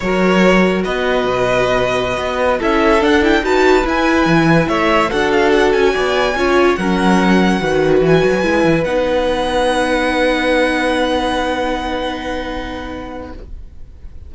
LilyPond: <<
  \new Staff \with { instrumentName = "violin" } { \time 4/4 \tempo 4 = 144 cis''2 dis''2~ | dis''2~ dis''16 e''4 fis''8 g''16~ | g''16 a''4 gis''2 e''8.~ | e''16 fis''8 f''8 fis''8 gis''2~ gis''16~ |
gis''16 fis''2. gis''8.~ | gis''4~ gis''16 fis''2~ fis''8.~ | fis''1~ | fis''1 | }
  \new Staff \with { instrumentName = "violin" } { \time 4/4 ais'2 b'2~ | b'2~ b'16 a'4.~ a'16~ | a'16 b'2. cis''8.~ | cis''16 a'2 d''4 cis''8.~ |
cis''16 ais'2 b'4.~ b'16~ | b'1~ | b'1~ | b'1 | }
  \new Staff \with { instrumentName = "viola" } { \time 4/4 fis'1~ | fis'2~ fis'16 e'4 d'8 e'16~ | e'16 fis'4 e'2~ e'8.~ | e'16 fis'2. f'8.~ |
f'16 cis'2 fis'4.~ fis'16~ | fis'16 e'4 dis'2~ dis'8.~ | dis'1~ | dis'1 | }
  \new Staff \with { instrumentName = "cello" } { \time 4/4 fis2 b4 b,4~ | b,4~ b,16 b4 cis'4 d'8.~ | d'16 dis'4 e'4 e4 a8.~ | a16 d'4. cis'8 b4 cis'8.~ |
cis'16 fis2 dis4 e8 fis16~ | fis16 gis8 e8 b2~ b8.~ | b1~ | b1 | }
>>